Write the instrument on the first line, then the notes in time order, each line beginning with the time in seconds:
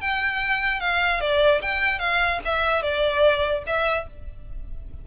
violin
0.00 G5
0.80 F5
1.20 D5
1.62 G5
1.99 F5
2.45 E5
2.82 D5
3.66 E5